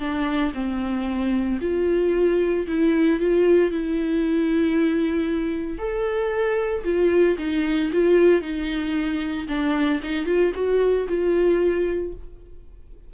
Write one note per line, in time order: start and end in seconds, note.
0.00 0.53 D4
0.54 1.59 C4
1.61 2.67 F4
2.67 3.20 E4
3.20 3.71 F4
3.71 5.79 E4
5.79 6.84 A4
6.84 7.37 F4
7.39 7.91 D#4
7.93 8.42 F4
8.42 9.47 D#4
9.49 10.01 D4
10.04 10.26 D#4
10.26 10.53 F4
10.55 11.08 F#4
11.08 12.14 F4